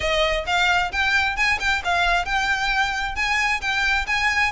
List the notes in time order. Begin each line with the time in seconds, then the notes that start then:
0.00 D#5
0.46 F5
0.91 G5
1.36 G#5
1.59 G5
1.84 F5
2.25 G5
3.15 G#5
3.61 G5
4.06 G#5